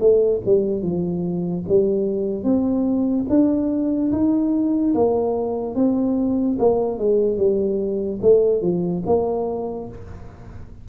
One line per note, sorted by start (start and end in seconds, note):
0.00 0.41 A3
0.46 0.83 G3
0.83 1.65 F3
1.68 2.44 G3
2.44 3.26 C4
3.30 4.12 D4
4.12 4.94 D#4
4.95 5.75 A#3
5.75 6.58 C4
6.59 6.99 A#3
6.99 7.37 G#3
7.37 8.20 G3
8.22 8.62 A3
8.62 9.03 F3
9.06 9.89 A#3